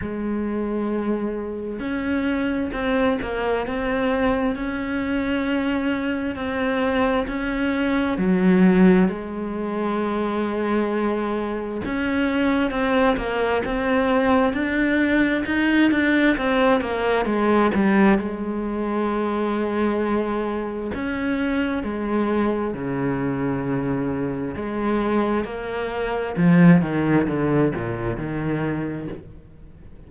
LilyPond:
\new Staff \with { instrumentName = "cello" } { \time 4/4 \tempo 4 = 66 gis2 cis'4 c'8 ais8 | c'4 cis'2 c'4 | cis'4 fis4 gis2~ | gis4 cis'4 c'8 ais8 c'4 |
d'4 dis'8 d'8 c'8 ais8 gis8 g8 | gis2. cis'4 | gis4 cis2 gis4 | ais4 f8 dis8 d8 ais,8 dis4 | }